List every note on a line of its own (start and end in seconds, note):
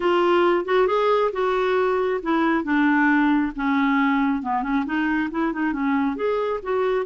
0.00 0.65 F4
0.65 0.87 F#4
0.87 1.31 G#4
1.32 2.20 F#4
2.22 2.64 E4
2.64 3.52 D4
3.55 4.42 C#4
4.42 4.62 B3
4.62 4.84 C#4
4.85 5.29 D#4
5.30 5.52 E4
5.52 5.73 D#4
5.73 6.15 C#4
6.15 6.60 G#4
6.63 7.05 F#4